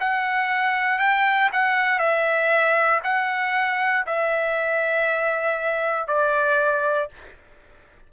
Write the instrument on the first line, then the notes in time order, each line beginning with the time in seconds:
trumpet
0.00 F#5
0.99 G5
1.53 F#5
1.99 E5
3.03 F#5
4.06 E5
6.07 D5